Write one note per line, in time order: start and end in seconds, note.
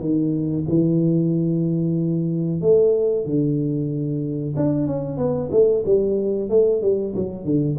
0.00 0.65 D#3
0.69 2.61 E3
2.61 3.26 A3
3.26 4.55 D3
4.56 4.87 D4
4.87 5.18 C#4
5.18 5.50 B3
5.52 5.84 A3
5.86 6.50 G3
6.50 6.82 A3
6.82 7.14 G3
7.16 7.45 F#3
7.45 7.77 D3